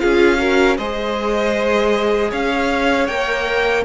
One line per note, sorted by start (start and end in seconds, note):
0.00 0.78 C#4
0.00 0.38 F4
0.00 0.40 G#4
0.00 0.77 F5
0.39 0.77 F#4
0.39 0.78 A#4
0.78 2.32 G#3
0.78 3.10 G#4
0.78 2.31 C5
0.78 2.32 D#5
2.31 3.09 C#4
2.31 3.84 C#5
2.31 3.07 F5
3.07 3.85 A#3
3.07 3.85 A#4
3.07 3.84 G5